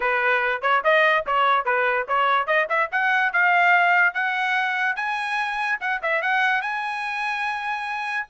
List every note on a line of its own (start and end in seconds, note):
0.00 0.61 B4
0.61 0.82 C#5
0.84 1.25 D#5
1.26 1.65 C#5
1.65 2.06 B4
2.08 2.46 C#5
2.46 2.67 D#5
2.69 2.89 E5
2.91 3.32 F#5
3.32 4.14 F5
4.14 4.96 F#5
4.96 5.78 G#5
5.80 6.01 F#5
6.02 6.22 E5
6.22 6.61 F#5
6.61 8.27 G#5